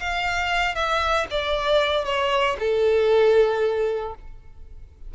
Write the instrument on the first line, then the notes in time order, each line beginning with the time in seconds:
violin
0.00 F5
0.75 E5
1.31 D5
2.05 C#5
2.60 A4